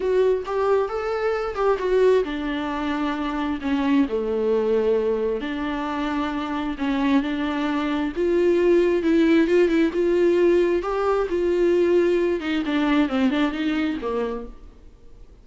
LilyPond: \new Staff \with { instrumentName = "viola" } { \time 4/4 \tempo 4 = 133 fis'4 g'4 a'4. g'8 | fis'4 d'2. | cis'4 a2. | d'2. cis'4 |
d'2 f'2 | e'4 f'8 e'8 f'2 | g'4 f'2~ f'8 dis'8 | d'4 c'8 d'8 dis'4 ais4 | }